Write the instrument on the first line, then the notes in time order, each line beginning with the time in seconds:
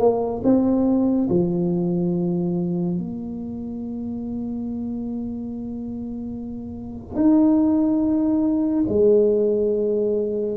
tuba
0.00 A#3
0.44 C4
1.30 F3
2.98 A#3
7.16 D#4
8.89 G#3